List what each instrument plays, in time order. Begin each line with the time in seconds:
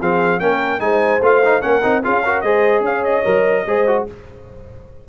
0.00 tuba F3, trombone C4, horn G#4, trumpet F5
0.40 tuba A#3, trombone C#4, horn A#4, trumpet G5
0.79 tuba G#3, trombone D#4, horn C5, trumpet G#5
1.21 tuba A3, trombone F4, trumpet F5
1.45 trombone D#4
1.61 tuba A#3, trombone C#4, horn A#4, trumpet F#5
1.83 tuba C4, trombone D#4
2.03 tuba C#4, trombone F4, horn G#4, trumpet F5
2.25 trombone F#4, horn A#4
2.41 tuba G#3, trombone G#4, horn C5, trumpet D#5
2.80 tuba C#4, horn C#5, trumpet F5
3.04 trumpet D#5
3.24 tuba F#3, trombone A#4
3.66 tuba G#3, trombone G#4, horn C5
3.87 trombone F#4